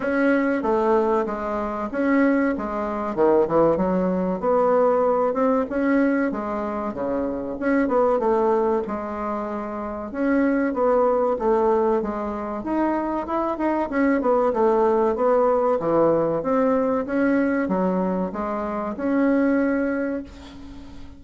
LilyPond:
\new Staff \with { instrumentName = "bassoon" } { \time 4/4 \tempo 4 = 95 cis'4 a4 gis4 cis'4 | gis4 dis8 e8 fis4 b4~ | b8 c'8 cis'4 gis4 cis4 | cis'8 b8 a4 gis2 |
cis'4 b4 a4 gis4 | dis'4 e'8 dis'8 cis'8 b8 a4 | b4 e4 c'4 cis'4 | fis4 gis4 cis'2 | }